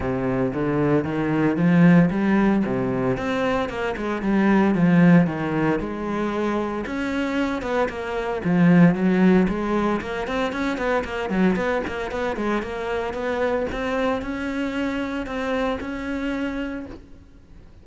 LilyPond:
\new Staff \with { instrumentName = "cello" } { \time 4/4 \tempo 4 = 114 c4 d4 dis4 f4 | g4 c4 c'4 ais8 gis8 | g4 f4 dis4 gis4~ | gis4 cis'4. b8 ais4 |
f4 fis4 gis4 ais8 c'8 | cis'8 b8 ais8 fis8 b8 ais8 b8 gis8 | ais4 b4 c'4 cis'4~ | cis'4 c'4 cis'2 | }